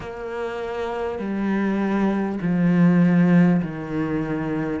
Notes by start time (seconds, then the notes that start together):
0.00 A#3
1.18 G3
2.41 F3
3.62 D#3